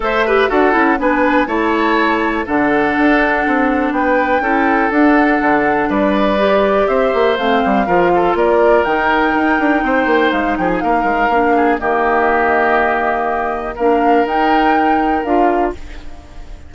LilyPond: <<
  \new Staff \with { instrumentName = "flute" } { \time 4/4 \tempo 4 = 122 e''4 fis''4 gis''4 a''4~ | a''4 fis''2. | g''2 fis''2 | d''2 e''4 f''4~ |
f''4 d''4 g''2~ | g''4 f''8 g''16 gis''16 f''2 | dis''1 | f''4 g''2 f''4 | }
  \new Staff \with { instrumentName = "oboe" } { \time 4/4 c''8 b'8 a'4 b'4 cis''4~ | cis''4 a'2. | b'4 a'2. | b'2 c''2 |
ais'8 a'8 ais'2. | c''4. gis'8 ais'4. gis'8 | g'1 | ais'1 | }
  \new Staff \with { instrumentName = "clarinet" } { \time 4/4 a'8 g'8 fis'8 e'8 d'4 e'4~ | e'4 d'2.~ | d'4 e'4 d'2~ | d'4 g'2 c'4 |
f'2 dis'2~ | dis'2. d'4 | ais1 | d'4 dis'2 f'4 | }
  \new Staff \with { instrumentName = "bassoon" } { \time 4/4 a4 d'8 cis'8 b4 a4~ | a4 d4 d'4 c'4 | b4 cis'4 d'4 d4 | g2 c'8 ais8 a8 g8 |
f4 ais4 dis4 dis'8 d'8 | c'8 ais8 gis8 f8 ais8 gis8 ais4 | dis1 | ais4 dis'2 d'4 | }
>>